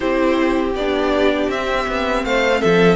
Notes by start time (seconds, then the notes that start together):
0.00 C4 E4 G4 C5
0.75 B3 D4 D5
1.48 C4 E5
1.88 B3
2.24 A3 C5 F5
2.60 F3 A4 E5